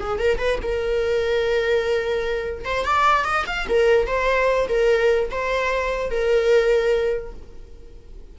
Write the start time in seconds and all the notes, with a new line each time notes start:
0.00 G#4
0.19 A#4
0.38 B4
0.62 A#4
2.65 C5
2.85 D5
3.24 D#5
3.47 F5
3.69 A#4
4.06 C5
4.68 A#4
5.31 C5
6.10 A#4